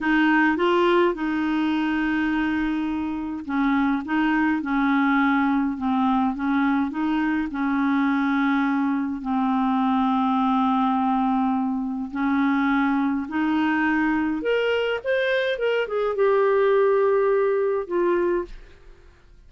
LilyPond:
\new Staff \with { instrumentName = "clarinet" } { \time 4/4 \tempo 4 = 104 dis'4 f'4 dis'2~ | dis'2 cis'4 dis'4 | cis'2 c'4 cis'4 | dis'4 cis'2. |
c'1~ | c'4 cis'2 dis'4~ | dis'4 ais'4 c''4 ais'8 gis'8 | g'2. f'4 | }